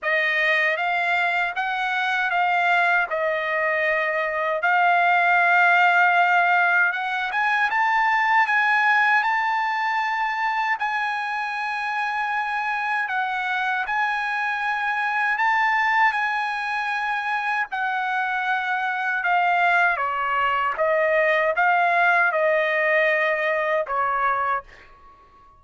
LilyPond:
\new Staff \with { instrumentName = "trumpet" } { \time 4/4 \tempo 4 = 78 dis''4 f''4 fis''4 f''4 | dis''2 f''2~ | f''4 fis''8 gis''8 a''4 gis''4 | a''2 gis''2~ |
gis''4 fis''4 gis''2 | a''4 gis''2 fis''4~ | fis''4 f''4 cis''4 dis''4 | f''4 dis''2 cis''4 | }